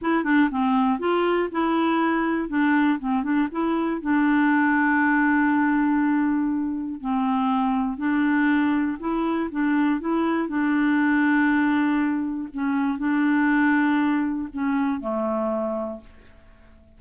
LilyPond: \new Staff \with { instrumentName = "clarinet" } { \time 4/4 \tempo 4 = 120 e'8 d'8 c'4 f'4 e'4~ | e'4 d'4 c'8 d'8 e'4 | d'1~ | d'2 c'2 |
d'2 e'4 d'4 | e'4 d'2.~ | d'4 cis'4 d'2~ | d'4 cis'4 a2 | }